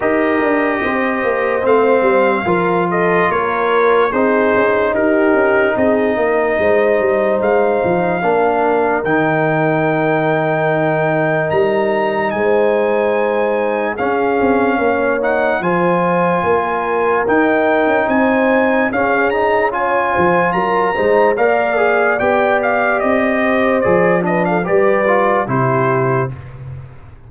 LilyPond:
<<
  \new Staff \with { instrumentName = "trumpet" } { \time 4/4 \tempo 4 = 73 dis''2 f''4. dis''8 | cis''4 c''4 ais'4 dis''4~ | dis''4 f''2 g''4~ | g''2 ais''4 gis''4~ |
gis''4 f''4. fis''8 gis''4~ | gis''4 g''4 gis''4 f''8 ais''8 | gis''4 ais''4 f''4 g''8 f''8 | dis''4 d''8 dis''16 f''16 d''4 c''4 | }
  \new Staff \with { instrumentName = "horn" } { \time 4/4 ais'4 c''2 ais'8 a'8 | ais'4 gis'4 g'4 gis'8 ais'8 | c''2 ais'2~ | ais'2. c''4~ |
c''4 gis'4 cis''4 c''4 | ais'2 c''4 gis'4 | cis''8 c''8 ais'8 c''8 d''2~ | d''8 c''4 b'16 a'16 b'4 g'4 | }
  \new Staff \with { instrumentName = "trombone" } { \time 4/4 g'2 c'4 f'4~ | f'4 dis'2.~ | dis'2 d'4 dis'4~ | dis'1~ |
dis'4 cis'4. dis'8 f'4~ | f'4 dis'2 cis'8 dis'8 | f'4. dis'8 ais'8 gis'8 g'4~ | g'4 gis'8 d'8 g'8 f'8 e'4 | }
  \new Staff \with { instrumentName = "tuba" } { \time 4/4 dis'8 d'8 c'8 ais8 a8 g8 f4 | ais4 c'8 cis'8 dis'8 cis'8 c'8 ais8 | gis8 g8 gis8 f8 ais4 dis4~ | dis2 g4 gis4~ |
gis4 cis'8 c'8 ais4 f4 | ais4 dis'8. cis'16 c'4 cis'4~ | cis'8 f8 fis8 gis8 ais4 b4 | c'4 f4 g4 c4 | }
>>